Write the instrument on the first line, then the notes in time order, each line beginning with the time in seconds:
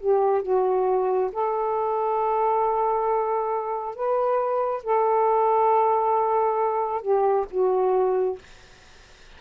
saxophone
0.00 G4
0.43 F#4
1.32 A4
3.95 B4
4.84 A4
7.02 G4
7.51 F#4